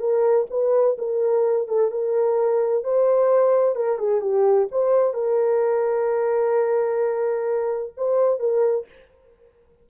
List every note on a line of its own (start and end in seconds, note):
0.00 0.47 A#4
0.51 0.97 B4
0.99 1.68 A#4
1.68 1.91 A4
1.91 2.84 A#4
2.84 3.76 C5
3.76 3.99 A#4
3.99 4.22 G#4
4.22 4.68 G4
4.72 5.14 C5
5.14 7.93 A#4
7.97 8.40 C5
8.40 8.86 A#4